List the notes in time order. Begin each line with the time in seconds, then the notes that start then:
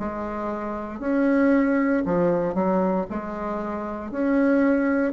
0.00 G#3
1.00 C#4
2.06 F3
2.55 F#3
3.10 G#3
4.12 C#4